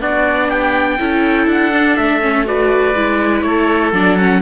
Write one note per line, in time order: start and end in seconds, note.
0.00 0.98 B3
0.00 0.99 D4
0.00 0.48 F#4
0.00 0.50 D5
0.48 0.97 G4
0.48 1.48 G5
0.99 1.47 C#4
0.99 1.72 E4
0.99 2.47 A4
1.47 1.96 D4
1.47 1.96 F#5
1.72 2.21 D4
1.96 2.94 A3
1.96 2.45 E5
2.21 2.45 C#4
2.45 2.94 F#4
2.45 3.45 B4
2.45 3.42 D5
2.94 3.43 G#3
2.94 3.93 E4
3.42 3.92 A3
3.42 4.42 A4
3.42 3.91 C#5
3.92 4.41 F#3
3.92 4.18 D4
3.92 4.18 D5
4.18 4.42 C#4
4.18 4.42 F#5